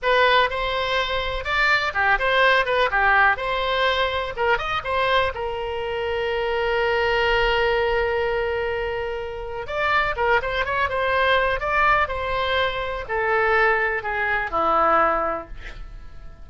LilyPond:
\new Staff \with { instrumentName = "oboe" } { \time 4/4 \tempo 4 = 124 b'4 c''2 d''4 | g'8 c''4 b'8 g'4 c''4~ | c''4 ais'8 dis''8 c''4 ais'4~ | ais'1~ |
ais'1 | d''4 ais'8 c''8 cis''8 c''4. | d''4 c''2 a'4~ | a'4 gis'4 e'2 | }